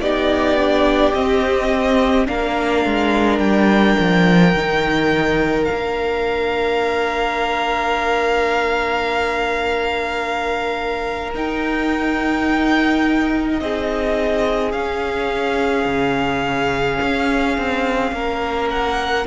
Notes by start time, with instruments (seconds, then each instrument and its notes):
0.00 cello B3, viola D#4, violin G4 D5
0.57 viola D4
1.13 cello C4, viola C4, violin D#5
2.25 cello A#3, viola D4, violin A#4 F5
2.85 cello G#3
3.39 cello G3, violin G5
3.99 cello F3
4.54 cello D#3, viola D#4
5.64 viola D4, violin F5
5.71 cello A#3
11.34 cello D#4, viola D#4, violin G5
13.60 cello C4, violin G#4 D#5
14.72 cello C#4, viola C#4, violin F5
15.85 cello C#3
17.01 cello C#4
17.57 cello C4
18.11 cello A#3, violin A#4
18.70 violin F#5